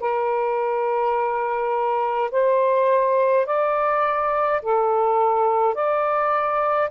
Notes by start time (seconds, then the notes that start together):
0.00 A#4
2.31 C5
3.46 D5
4.62 A4
5.74 D5